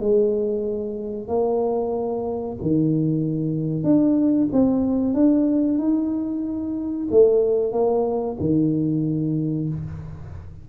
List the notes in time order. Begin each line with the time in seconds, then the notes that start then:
0.00 G#3
1.28 A#3
2.62 D#3
3.84 D4
4.52 C4
5.14 D4
5.78 D#4
7.11 A3
7.72 A#3
8.40 D#3